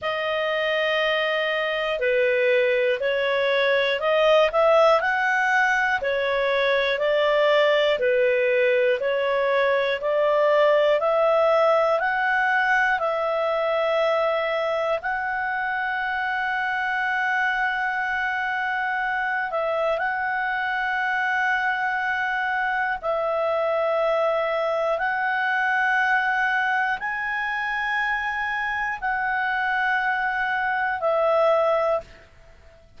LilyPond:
\new Staff \with { instrumentName = "clarinet" } { \time 4/4 \tempo 4 = 60 dis''2 b'4 cis''4 | dis''8 e''8 fis''4 cis''4 d''4 | b'4 cis''4 d''4 e''4 | fis''4 e''2 fis''4~ |
fis''2.~ fis''8 e''8 | fis''2. e''4~ | e''4 fis''2 gis''4~ | gis''4 fis''2 e''4 | }